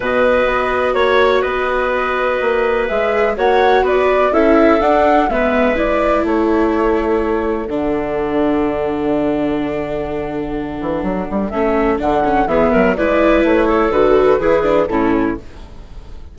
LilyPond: <<
  \new Staff \with { instrumentName = "flute" } { \time 4/4 \tempo 4 = 125 dis''2 cis''4 dis''4~ | dis''2 e''4 fis''4 | d''4 e''4 fis''4 e''4 | d''4 cis''2. |
fis''1~ | fis''1 | e''4 fis''4 e''4 d''4 | cis''4 b'2 a'4 | }
  \new Staff \with { instrumentName = "clarinet" } { \time 4/4 b'2 cis''4 b'4~ | b'2. cis''4 | b'4 a'2 b'4~ | b'4 a'2.~ |
a'1~ | a'1~ | a'2 gis'8 ais'8 b'4~ | b'8 a'4. gis'4 e'4 | }
  \new Staff \with { instrumentName = "viola" } { \time 4/4 fis'1~ | fis'2 gis'4 fis'4~ | fis'4 e'4 d'4 b4 | e'1 |
d'1~ | d'1 | cis'4 d'8 cis'8 b4 e'4~ | e'4 fis'4 e'8 d'8 cis'4 | }
  \new Staff \with { instrumentName = "bassoon" } { \time 4/4 b,4 b4 ais4 b4~ | b4 ais4 gis4 ais4 | b4 cis'4 d'4 gis4~ | gis4 a2. |
d1~ | d2~ d8 e8 fis8 g8 | a4 d4 e8 fis8 gis4 | a4 d4 e4 a,4 | }
>>